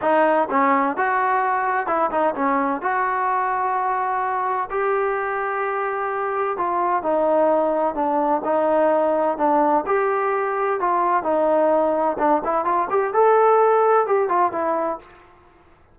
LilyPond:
\new Staff \with { instrumentName = "trombone" } { \time 4/4 \tempo 4 = 128 dis'4 cis'4 fis'2 | e'8 dis'8 cis'4 fis'2~ | fis'2 g'2~ | g'2 f'4 dis'4~ |
dis'4 d'4 dis'2 | d'4 g'2 f'4 | dis'2 d'8 e'8 f'8 g'8 | a'2 g'8 f'8 e'4 | }